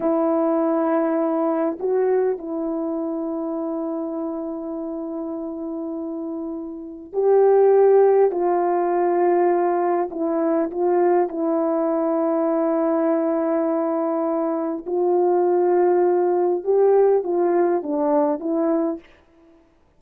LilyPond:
\new Staff \with { instrumentName = "horn" } { \time 4/4 \tempo 4 = 101 e'2. fis'4 | e'1~ | e'1 | g'2 f'2~ |
f'4 e'4 f'4 e'4~ | e'1~ | e'4 f'2. | g'4 f'4 d'4 e'4 | }